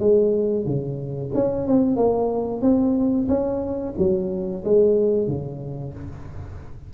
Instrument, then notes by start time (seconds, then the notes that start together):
tuba
0.00 G#3
0.66 C#3
1.35 C#4
1.68 C4
1.97 A#3
2.62 C4
3.28 C#4
3.98 F#3
4.65 G#3
5.28 C#3